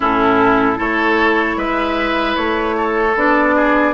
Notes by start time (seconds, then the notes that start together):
0.00 A2 C#4 E4 A4
0.75 A3 E4 A4 C#5
1.56 G#3 B4 E5
2.36 A3 C#5
2.77 A4
3.15 B3 D4 D5
3.55 G#4